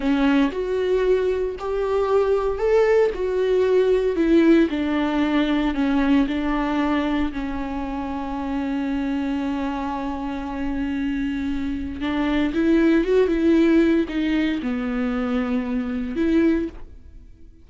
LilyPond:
\new Staff \with { instrumentName = "viola" } { \time 4/4 \tempo 4 = 115 cis'4 fis'2 g'4~ | g'4 a'4 fis'2 | e'4 d'2 cis'4 | d'2 cis'2~ |
cis'1~ | cis'2. d'4 | e'4 fis'8 e'4. dis'4 | b2. e'4 | }